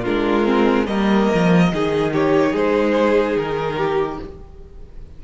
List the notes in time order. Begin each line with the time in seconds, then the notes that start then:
0.00 D4 F4 A#4
0.07 G#3
0.44 C4
0.86 G3 A#3 A#4 D#5
1.34 F3
1.71 D#3 D#4 G#4
2.13 G4 C#5
2.51 G#3 G#4 C5
3.36 D#3 A#4
3.77 G4